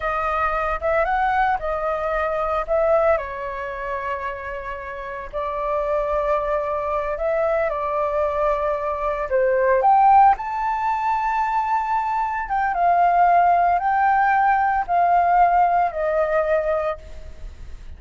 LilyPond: \new Staff \with { instrumentName = "flute" } { \time 4/4 \tempo 4 = 113 dis''4. e''8 fis''4 dis''4~ | dis''4 e''4 cis''2~ | cis''2 d''2~ | d''4. e''4 d''4.~ |
d''4. c''4 g''4 a''8~ | a''2.~ a''8 g''8 | f''2 g''2 | f''2 dis''2 | }